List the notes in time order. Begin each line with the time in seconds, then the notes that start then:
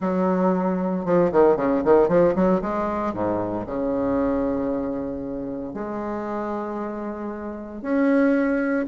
0.00 F#3
1.05 F3
1.32 D#3
1.56 C#3
1.84 D#3
2.08 F3
2.35 F#3
2.61 G#3
3.13 G#2
3.66 C#3
5.73 G#3
7.81 C#4